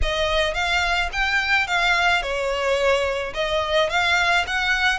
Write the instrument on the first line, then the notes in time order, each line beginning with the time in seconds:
violin
0.02 D#5
0.54 F5
1.12 G5
1.67 F5
2.22 C#5
3.33 D#5
3.89 F5
4.46 F#5